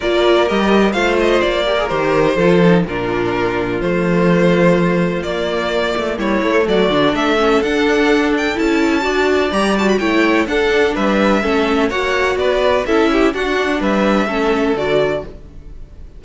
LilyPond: <<
  \new Staff \with { instrumentName = "violin" } { \time 4/4 \tempo 4 = 126 d''4 dis''4 f''8 dis''8 d''4 | c''2 ais'2 | c''2. d''4~ | d''4 cis''4 d''4 e''4 |
fis''4. g''8 a''2 | ais''8 a''16 b''16 g''4 fis''4 e''4~ | e''4 fis''4 d''4 e''4 | fis''4 e''2 d''4 | }
  \new Staff \with { instrumentName = "violin" } { \time 4/4 ais'2 c''4. ais'8~ | ais'4 a'4 f'2~ | f'1~ | f'4 e'4 fis'4 a'4~ |
a'2. d''4~ | d''4 cis''4 a'4 b'4 | a'4 cis''4 b'4 a'8 g'8 | fis'4 b'4 a'2 | }
  \new Staff \with { instrumentName = "viola" } { \time 4/4 f'4 g'4 f'4. g'16 gis'16 | g'4 f'8 dis'8 d'2 | a2. ais4~ | ais4. a4 d'4 cis'8 |
d'2 e'4 fis'4 | g'8 fis'8 e'4 d'2 | cis'4 fis'2 e'4 | d'2 cis'4 fis'4 | }
  \new Staff \with { instrumentName = "cello" } { \time 4/4 ais4 g4 a4 ais4 | dis4 f4 ais,2 | f2. ais4~ | ais8 a8 g8 a8 fis8 d8 a4 |
d'2 cis'4 d'4 | g4 a4 d'4 g4 | a4 ais4 b4 cis'4 | d'4 g4 a4 d4 | }
>>